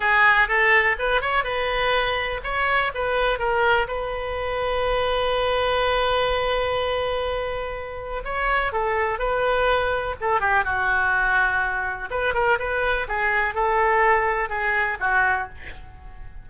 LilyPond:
\new Staff \with { instrumentName = "oboe" } { \time 4/4 \tempo 4 = 124 gis'4 a'4 b'8 cis''8 b'4~ | b'4 cis''4 b'4 ais'4 | b'1~ | b'1~ |
b'4 cis''4 a'4 b'4~ | b'4 a'8 g'8 fis'2~ | fis'4 b'8 ais'8 b'4 gis'4 | a'2 gis'4 fis'4 | }